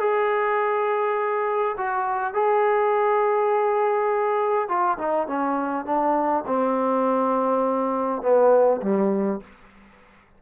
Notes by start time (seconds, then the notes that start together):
0.00 G#4
1.78 F#4
2.34 G#4
4.69 F4
4.98 D#4
5.28 C#4
5.85 D4
6.47 C4
8.22 B3
8.82 G3